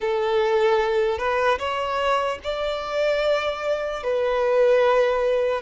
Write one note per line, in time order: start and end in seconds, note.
0.00 1.18 A4
1.18 1.58 B4
1.58 2.38 C#5
2.43 4.03 D5
4.03 5.61 B4